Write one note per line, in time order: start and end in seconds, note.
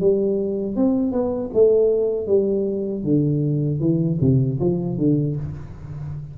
0.00 0.76 G3
0.76 1.12 C4
1.12 1.50 B3
1.54 2.27 A3
2.27 3.03 G3
3.04 3.80 D3
3.80 4.19 E3
4.21 4.59 C3
4.60 4.98 F3
4.98 5.36 D3